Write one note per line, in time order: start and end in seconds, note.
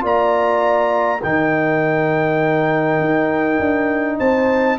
0.00 1.22 A#3
0.00 1.19 F4
0.00 1.22 D5
0.00 1.23 A#5
1.22 2.99 D#3
1.22 4.79 D#4
1.22 4.18 A#4
1.22 4.19 G5
2.99 3.59 D#4
3.59 4.18 D4
4.18 4.79 C4
4.18 4.78 C5
4.18 4.78 A5